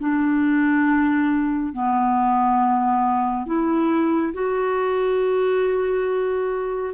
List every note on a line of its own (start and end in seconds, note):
0.00 1.73 D4
1.73 3.46 B3
3.46 4.33 E4
4.34 6.94 F#4